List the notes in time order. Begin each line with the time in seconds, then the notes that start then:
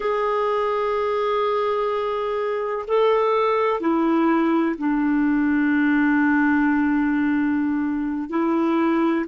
0.00 G#4
2.87 A4
3.80 E4
4.78 D4
8.29 E4